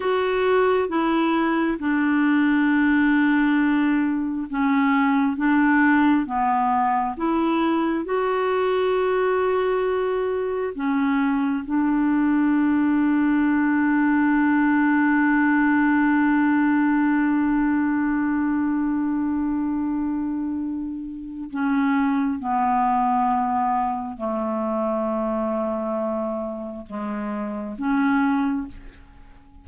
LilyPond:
\new Staff \with { instrumentName = "clarinet" } { \time 4/4 \tempo 4 = 67 fis'4 e'4 d'2~ | d'4 cis'4 d'4 b4 | e'4 fis'2. | cis'4 d'2.~ |
d'1~ | d'1 | cis'4 b2 a4~ | a2 gis4 cis'4 | }